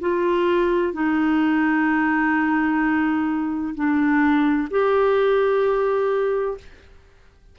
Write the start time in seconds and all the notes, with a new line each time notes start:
0.00 F4
0.93 D#4
3.75 D4
4.70 G4